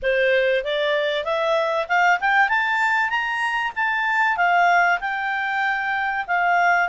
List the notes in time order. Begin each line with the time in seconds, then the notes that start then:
0.02 C5
0.64 D5
1.24 E5
1.88 F5
2.20 G5
2.48 A5
3.09 A#5
3.75 A5
4.36 F5
5.00 G5
6.27 F5